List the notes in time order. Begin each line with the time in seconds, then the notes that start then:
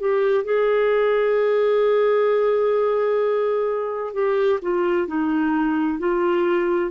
0.00 G4
0.45 G#4
4.14 G4
4.62 F4
5.08 D#4
5.99 F4